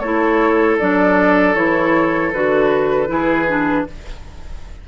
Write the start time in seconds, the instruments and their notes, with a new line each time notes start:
0.00 bassoon A3, clarinet E4, oboe A4, flute C#5
0.79 bassoon F#3, clarinet D4, flute D5
1.55 bassoon E3, clarinet E4, flute C#5
2.33 bassoon D3, clarinet F#4, flute B4
3.07 bassoon E3, clarinet E4, oboe G#4
3.48 clarinet D4